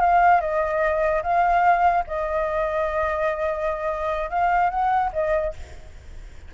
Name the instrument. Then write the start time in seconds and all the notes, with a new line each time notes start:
flute
0.00 F5
0.40 D#5
1.22 F5
2.07 D#5
4.29 F5
4.70 F#5
5.12 D#5